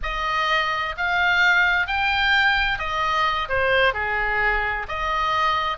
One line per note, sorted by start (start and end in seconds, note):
0.02 0.95 D#5
0.97 1.87 F5
1.87 2.78 G5
2.78 3.48 D#5
3.48 3.93 C5
3.93 4.86 G#4
4.88 5.77 D#5